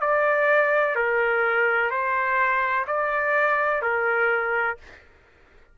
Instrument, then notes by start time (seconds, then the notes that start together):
trumpet
0.00 D5
0.95 A#4
1.90 C5
2.87 D5
3.81 A#4